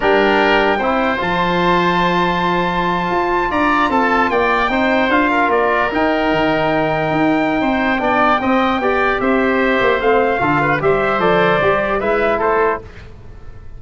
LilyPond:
<<
  \new Staff \with { instrumentName = "trumpet" } { \time 4/4 \tempo 4 = 150 g''2. a''4~ | a''1~ | a''8. ais''4 a''4 g''4~ g''16~ | g''8. f''4 d''4 g''4~ g''16~ |
g''1~ | g''2. e''4~ | e''4 f''2 e''4 | d''2 e''4 c''4 | }
  \new Staff \with { instrumentName = "oboe" } { \time 4/4 ais'2 c''2~ | c''1~ | c''8. d''4 a'4 d''4 c''16~ | c''4~ c''16 ais'2~ ais'8.~ |
ais'2. c''4 | d''4 dis''4 d''4 c''4~ | c''2 a'8 b'8 c''4~ | c''2 b'4 a'4 | }
  \new Staff \with { instrumentName = "trombone" } { \time 4/4 d'2 e'4 f'4~ | f'1~ | f'2.~ f'8. dis'16~ | dis'8. f'2 dis'4~ dis'16~ |
dis'1 | d'4 c'4 g'2~ | g'4 c'4 f'4 g'4 | a'4 g'4 e'2 | }
  \new Staff \with { instrumentName = "tuba" } { \time 4/4 g2 c'4 f4~ | f2.~ f8. f'16~ | f'8. d'4 c'4 ais4 c'16~ | c'8. d'4 ais4 dis'4 dis16~ |
dis4.~ dis16 dis'4~ dis'16 c'4 | b4 c'4 b4 c'4~ | c'8 ais8 a4 d4 g4 | f4 g4 gis4 a4 | }
>>